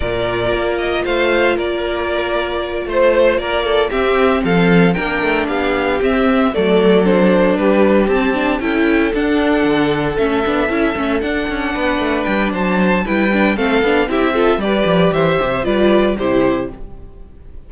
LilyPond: <<
  \new Staff \with { instrumentName = "violin" } { \time 4/4 \tempo 4 = 115 d''4. dis''8 f''4 d''4~ | d''4. c''4 d''4 e''8~ | e''8 f''4 g''4 f''4 e''8~ | e''8 d''4 c''4 b'4 a''8~ |
a''8 g''4 fis''2 e''8~ | e''4. fis''2 g''8 | a''4 g''4 f''4 e''4 | d''4 e''4 d''4 c''4 | }
  \new Staff \with { instrumentName = "violin" } { \time 4/4 ais'2 c''4 ais'4~ | ais'4. c''4 ais'8 a'8 g'8~ | g'8 a'4 ais'4 g'4.~ | g'8 a'2 g'4.~ |
g'8 a'2.~ a'8~ | a'2~ a'8 b'4. | c''4 b'4 a'4 g'8 a'8 | b'4 c''4 b'4 g'4 | }
  \new Staff \with { instrumentName = "viola" } { \time 4/4 f'1~ | f'2.~ f'8 c'8~ | c'4. d'2 c'8~ | c'8 a4 d'2 c'8 |
d'8 e'4 d'2 cis'8 | d'8 e'8 cis'8 d'2~ d'8~ | d'4 e'8 d'8 c'8 d'8 e'8 f'8 | g'2 f'4 e'4 | }
  \new Staff \with { instrumentName = "cello" } { \time 4/4 ais,4 ais4 a4 ais4~ | ais4. a4 ais4 c'8~ | c'8 f4 ais8 a8 b4 c'8~ | c'8 fis2 g4 c'8~ |
c'8 cis'4 d'4 d4 a8 | b8 cis'8 a8 d'8 cis'8 b8 a8 g8 | fis4 g4 a8 b8 c'4 | g8 f8 e8 c8 g4 c4 | }
>>